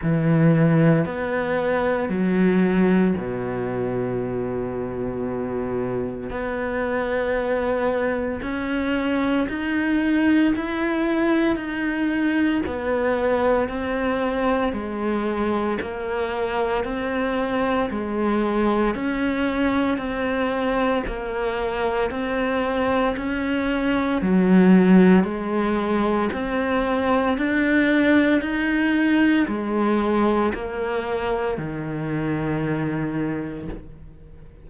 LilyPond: \new Staff \with { instrumentName = "cello" } { \time 4/4 \tempo 4 = 57 e4 b4 fis4 b,4~ | b,2 b2 | cis'4 dis'4 e'4 dis'4 | b4 c'4 gis4 ais4 |
c'4 gis4 cis'4 c'4 | ais4 c'4 cis'4 fis4 | gis4 c'4 d'4 dis'4 | gis4 ais4 dis2 | }